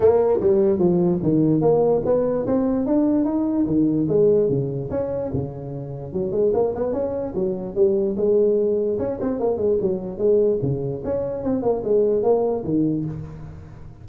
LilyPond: \new Staff \with { instrumentName = "tuba" } { \time 4/4 \tempo 4 = 147 ais4 g4 f4 dis4 | ais4 b4 c'4 d'4 | dis'4 dis4 gis4 cis4 | cis'4 cis2 fis8 gis8 |
ais8 b8 cis'4 fis4 g4 | gis2 cis'8 c'8 ais8 gis8 | fis4 gis4 cis4 cis'4 | c'8 ais8 gis4 ais4 dis4 | }